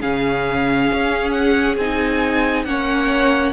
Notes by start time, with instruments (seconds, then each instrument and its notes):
0.00 cello C#3, viola C#4, violin G#4 F5
0.93 cello C#4
1.31 violin F#5
1.76 cello C4, viola D#4, violin G#5
2.64 cello A#3, viola C#4, violin C#5 F#5